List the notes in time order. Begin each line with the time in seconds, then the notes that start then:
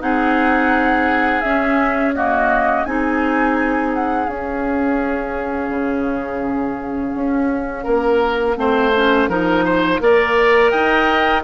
0.00 C4 D#4 G#4 F#5
1.42 C#4 E5
2.15 A#3 F#4 D#5
2.85 C4 D#4 G#4 G#5
3.94 F#5
4.28 C#4 F5
5.70 C#3
7.15 C#4
7.84 A#3 A#4
8.56 A3 C4 C5
8.96 C#4
9.29 F3 D#4 A#4
9.65 C5
10.01 A#3 A#4 D5
10.71 D#4 D#5 G5